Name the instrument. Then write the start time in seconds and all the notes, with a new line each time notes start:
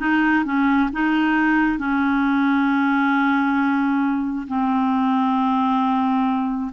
clarinet
0.00 D#4
0.45 C#4
0.93 D#4
1.79 C#4
4.48 C4